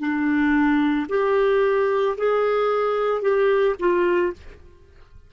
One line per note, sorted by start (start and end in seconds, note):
0.00 1.07 D4
1.10 2.17 G4
2.18 3.22 G#4
3.22 3.76 G4
3.80 4.33 F4